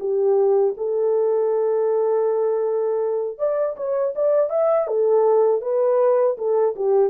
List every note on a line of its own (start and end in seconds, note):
0.00 0.75 G4
0.77 3.39 A4
3.39 3.76 D5
3.77 4.14 C#5
4.16 4.50 D5
4.50 4.88 E5
4.88 5.62 A4
5.62 6.37 B4
6.38 6.75 A4
6.76 7.10 G4